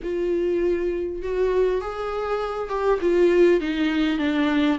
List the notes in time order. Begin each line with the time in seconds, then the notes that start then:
0.03 F4
1.22 F#4
1.81 G#4
2.69 G4
3.01 F4
3.60 D#4
4.18 D4